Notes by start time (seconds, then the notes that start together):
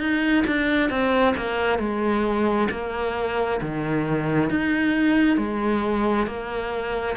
0.00 D#4
0.47 D4
0.90 C4
1.37 A#3
1.79 G#3
2.71 A#3
3.61 D#3
4.51 D#4
5.38 G#3
6.27 A#3